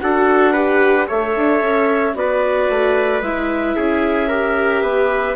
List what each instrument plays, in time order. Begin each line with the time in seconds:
0.00 bassoon D4, viola F#4, trumpet A4, clarinet F#5
0.52 viola G4, trumpet B4
1.06 bassoon A3, viola A4, trumpet C#5, clarinet E5
1.37 bassoon D4
1.62 bassoon C#4
2.14 bassoon B3, viola F#4, trumpet B4, clarinet D5
2.69 bassoon A3
3.21 bassoon G#3, viola E4, clarinet E5
3.76 bassoon C#4, trumpet G#4
4.28 viola G4, trumpet A#4
4.82 bassoon B3, trumpet B4